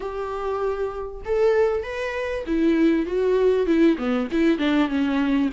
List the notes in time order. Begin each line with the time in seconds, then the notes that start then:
0.00 G4
1.25 A4
1.83 B4
2.46 E4
3.06 F#4
3.66 E4
3.97 B3
4.31 E4
4.58 D4
4.88 C#4